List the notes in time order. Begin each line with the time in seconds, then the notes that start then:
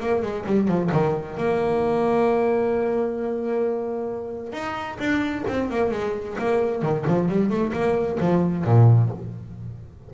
0.00 A#3
0.22 G#3
0.46 G3
0.68 F3
0.92 D#3
1.37 A#3
4.52 D#4
4.99 D4
5.48 C4
5.70 A#3
5.91 G#3
6.38 A#3
6.82 D#3
7.08 F3
7.29 G3
7.50 A3
7.73 A#3
8.20 F3
8.64 A#2